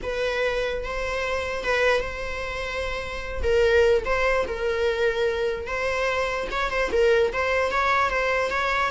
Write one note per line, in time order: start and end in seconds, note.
0.02 0.83 B4
0.83 1.64 C5
1.64 2.00 B4
2.00 3.42 C5
3.42 4.03 A#4
4.05 4.45 C5
4.47 5.66 A#4
5.66 6.47 C5
6.51 6.70 C#5
6.70 6.90 C5
6.92 7.32 A#4
7.32 7.71 C5
7.71 8.10 C#5
8.10 8.50 C5
8.50 8.90 C#5